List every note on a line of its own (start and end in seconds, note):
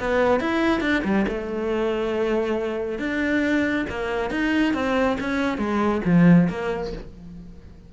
0.00 0.40 B3
0.40 0.81 E4
0.81 1.03 D4
1.04 1.26 G3
1.28 2.99 A3
2.99 3.86 D4
3.90 4.31 A#3
4.31 4.74 D#4
4.74 5.17 C4
5.20 5.58 C#4
5.58 6.01 G#3
6.05 6.48 F3
6.49 6.93 A#3